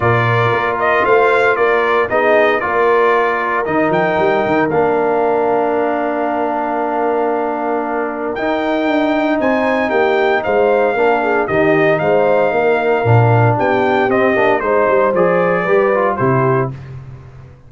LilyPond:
<<
  \new Staff \with { instrumentName = "trumpet" } { \time 4/4 \tempo 4 = 115 d''4. dis''8 f''4 d''4 | dis''4 d''2 dis''8 g''8~ | g''4 f''2.~ | f''1 |
g''2 gis''4 g''4 | f''2 dis''4 f''4~ | f''2 g''4 dis''4 | c''4 d''2 c''4 | }
  \new Staff \with { instrumentName = "horn" } { \time 4/4 ais'2 c''4 ais'4 | gis'4 ais'2.~ | ais'1~ | ais'1~ |
ais'2 c''4 g'4 | c''4 ais'8 gis'8 g'4 c''4 | ais'2 g'2 | c''2 b'4 g'4 | }
  \new Staff \with { instrumentName = "trombone" } { \time 4/4 f'1 | dis'4 f'2 dis'4~ | dis'4 d'2.~ | d'1 |
dis'1~ | dis'4 d'4 dis'2~ | dis'4 d'2 c'8 d'8 | dis'4 gis'4 g'8 f'8 e'4 | }
  \new Staff \with { instrumentName = "tuba" } { \time 4/4 ais,4 ais4 a4 ais4 | b4 ais2 dis8 f8 | g8 dis8 ais2.~ | ais1 |
dis'4 d'4 c'4 ais4 | gis4 ais4 dis4 gis4 | ais4 ais,4 b4 c'8 ais8 | gis8 g8 f4 g4 c4 | }
>>